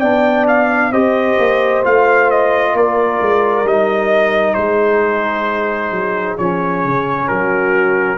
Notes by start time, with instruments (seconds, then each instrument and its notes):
0.00 tuba B3, trombone D4, horn D5, trumpet G5
0.48 trumpet F5
0.91 tuba C4, trombone G4, horn C5, trumpet D#5
1.39 tuba A#3
1.84 tuba A3, trombone F4, trumpet F5
2.31 trumpet D#5
2.74 tuba A#3, horn A#4, trumpet D5
3.21 tuba G#3
3.63 tuba G3, trombone D#4, trumpet D#5
4.54 tuba G#3, horn G#4, trumpet C5
5.91 tuba F#3
6.38 tuba F3, trombone C#4, trumpet C#5
6.85 tuba C#3
7.28 tuba F#3, horn F#4, trumpet A#4